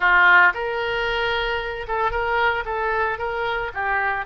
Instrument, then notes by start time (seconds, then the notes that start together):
oboe
0.00 F4
0.54 A#4
1.87 A4
2.11 A#4
2.65 A4
3.18 A#4
3.73 G4